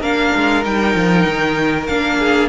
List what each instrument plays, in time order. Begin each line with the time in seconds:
0.00 cello A#3, viola D4, violin A#4 F5
0.35 cello G#3
0.63 cello G3, viola D#4, violin G5
0.94 cello F3
1.27 cello D#3
1.86 cello A#3, viola D4, violin F5
2.19 violin G#4